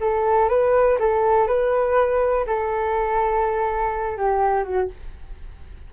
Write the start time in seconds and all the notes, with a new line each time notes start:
0.00 A4
0.49 B4
0.99 A4
1.47 B4
2.46 A4
4.17 G4
4.63 F#4